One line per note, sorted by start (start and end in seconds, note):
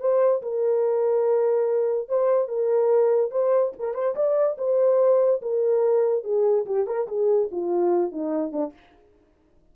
0.00 0.42 C5
0.42 2.08 A#4
2.08 2.48 C5
2.48 3.31 A#4
3.31 3.72 C5
3.79 3.94 A#4
3.94 4.15 C5
4.15 4.57 D5
4.58 5.41 C5
5.41 6.23 A#4
6.23 6.65 G#4
6.65 6.86 G4
6.86 7.07 A#4
7.07 7.49 G#4
7.51 8.11 F4
8.11 8.52 D#4
8.52 8.73 D4